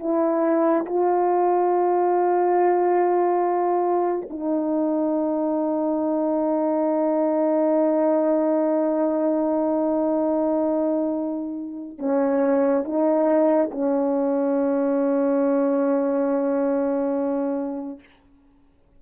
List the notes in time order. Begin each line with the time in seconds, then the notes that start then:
0.00 E4
0.86 F4
4.31 D#4
11.99 C#4
12.85 D#4
13.71 C#4